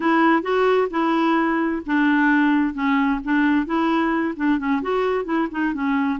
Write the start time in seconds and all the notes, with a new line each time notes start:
0.00 E4
0.42 F#4
0.90 E4
1.85 D4
2.74 C#4
3.24 D4
3.65 E4
4.36 D4
4.58 C#4
4.82 F#4
5.24 E4
5.51 D#4
5.73 C#4